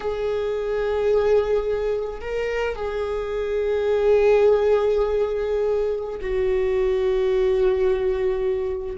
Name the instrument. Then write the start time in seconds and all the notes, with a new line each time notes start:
viola
0.00 G#4
2.20 A#4
2.75 G#4
6.21 F#4